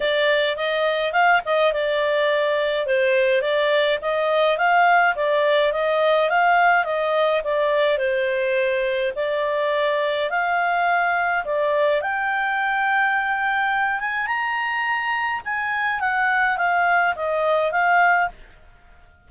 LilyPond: \new Staff \with { instrumentName = "clarinet" } { \time 4/4 \tempo 4 = 105 d''4 dis''4 f''8 dis''8 d''4~ | d''4 c''4 d''4 dis''4 | f''4 d''4 dis''4 f''4 | dis''4 d''4 c''2 |
d''2 f''2 | d''4 g''2.~ | g''8 gis''8 ais''2 gis''4 | fis''4 f''4 dis''4 f''4 | }